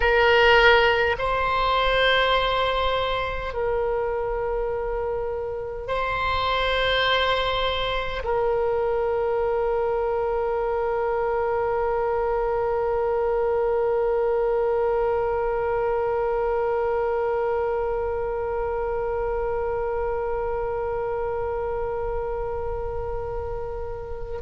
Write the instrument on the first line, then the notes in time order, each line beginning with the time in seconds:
oboe
0.00 A#4
1.18 C5
3.53 A#4
5.87 C5
8.24 A#4